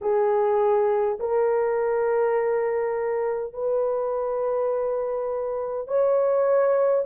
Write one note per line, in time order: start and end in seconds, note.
0.01 1.18 G#4
1.19 3.53 A#4
3.53 5.87 B4
5.87 7.05 C#5